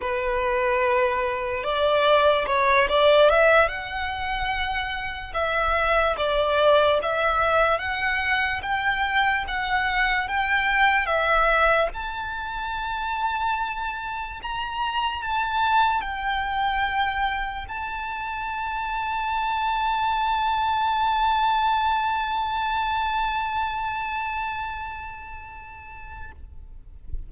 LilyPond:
\new Staff \with { instrumentName = "violin" } { \time 4/4 \tempo 4 = 73 b'2 d''4 cis''8 d''8 | e''8 fis''2 e''4 d''8~ | d''8 e''4 fis''4 g''4 fis''8~ | fis''8 g''4 e''4 a''4.~ |
a''4. ais''4 a''4 g''8~ | g''4. a''2~ a''8~ | a''1~ | a''1 | }